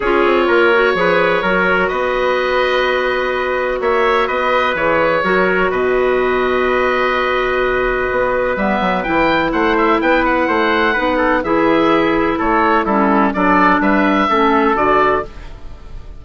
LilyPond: <<
  \new Staff \with { instrumentName = "oboe" } { \time 4/4 \tempo 4 = 126 cis''1 | dis''1 | e''4 dis''4 cis''2 | dis''1~ |
dis''2 e''4 g''4 | fis''8 e''8 g''8 fis''2~ fis''8 | e''2 cis''4 a'4 | d''4 e''2 d''4 | }
  \new Staff \with { instrumentName = "trumpet" } { \time 4/4 gis'4 ais'4 b'4 ais'4 | b'1 | cis''4 b'2 ais'4 | b'1~ |
b'1 | c''4 b'4 c''4 b'8 a'8 | gis'2 a'4 e'4 | a'4 b'4 a'2 | }
  \new Staff \with { instrumentName = "clarinet" } { \time 4/4 f'4. fis'8 gis'4 fis'4~ | fis'1~ | fis'2 gis'4 fis'4~ | fis'1~ |
fis'2 b4 e'4~ | e'2. dis'4 | e'2. cis'4 | d'2 cis'4 fis'4 | }
  \new Staff \with { instrumentName = "bassoon" } { \time 4/4 cis'8 c'8 ais4 f4 fis4 | b1 | ais4 b4 e4 fis4 | b,1~ |
b,4 b4 g8 fis8 e4 | a4 b4 a4 b4 | e2 a4 g4 | fis4 g4 a4 d4 | }
>>